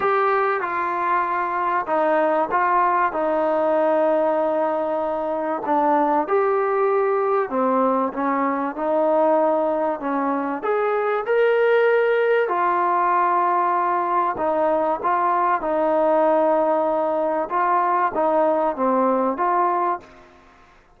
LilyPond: \new Staff \with { instrumentName = "trombone" } { \time 4/4 \tempo 4 = 96 g'4 f'2 dis'4 | f'4 dis'2.~ | dis'4 d'4 g'2 | c'4 cis'4 dis'2 |
cis'4 gis'4 ais'2 | f'2. dis'4 | f'4 dis'2. | f'4 dis'4 c'4 f'4 | }